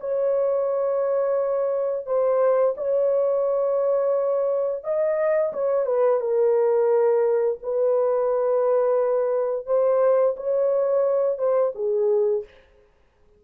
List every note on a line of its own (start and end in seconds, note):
0.00 2.06 C#5
2.06 2.75 C5
2.76 4.83 C#5
4.83 5.52 D#5
5.53 5.86 C#5
5.86 6.20 B4
6.20 7.58 A#4
7.62 9.66 B4
9.66 10.35 C5
10.36 11.38 C#5
11.38 11.72 C5
11.75 12.44 G#4